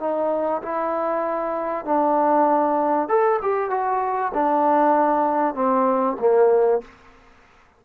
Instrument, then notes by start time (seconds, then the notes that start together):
trombone
0.00 D#4
0.62 E4
1.85 D4
3.09 A4
3.42 G4
3.70 F#4
4.34 D4
5.55 C4
6.20 A#3